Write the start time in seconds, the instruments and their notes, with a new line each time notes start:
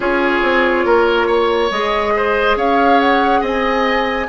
0.00 bassoon C#4, clarinet F4, oboe G#4, flute C#5
0.42 bassoon C4
0.85 bassoon A#3, oboe A#4
1.27 oboe C#5
1.70 bassoon G#3, clarinet G#4, flute D#5
2.16 oboe C5
2.56 bassoon C#4, oboe C#5, flute F5
3.00 flute F#5
3.40 bassoon C4, oboe D#5, flute G#5